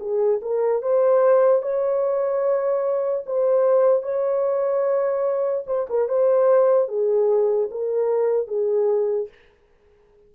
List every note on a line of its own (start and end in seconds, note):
0.00 0.41 G#4
0.42 0.83 A#4
0.83 1.63 C5
1.63 3.25 C#5
3.27 4.03 C5
4.03 5.65 C#5
5.67 5.87 C5
5.90 6.09 A#4
6.09 6.89 C5
6.89 7.70 G#4
7.72 8.48 A#4
8.48 9.29 G#4